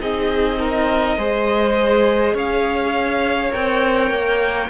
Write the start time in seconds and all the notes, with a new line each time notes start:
0.00 C4 D#4 G#4 D#5
0.59 A#4
1.17 G#3 G#4 C5
2.34 C#4 C#5 F5
3.50 C4 A#4 G5
4.10 A#3